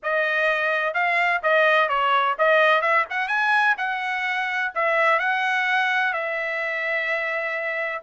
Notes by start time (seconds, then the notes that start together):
0.03 D#5
0.93 F5
1.42 D#5
1.89 C#5
2.38 D#5
2.81 E5
3.10 F#5
3.28 G#5
3.77 F#5
4.74 E5
5.19 F#5
6.13 E5